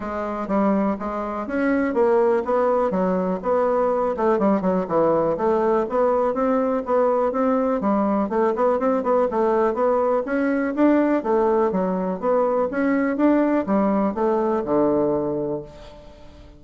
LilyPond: \new Staff \with { instrumentName = "bassoon" } { \time 4/4 \tempo 4 = 123 gis4 g4 gis4 cis'4 | ais4 b4 fis4 b4~ | b8 a8 g8 fis8 e4 a4 | b4 c'4 b4 c'4 |
g4 a8 b8 c'8 b8 a4 | b4 cis'4 d'4 a4 | fis4 b4 cis'4 d'4 | g4 a4 d2 | }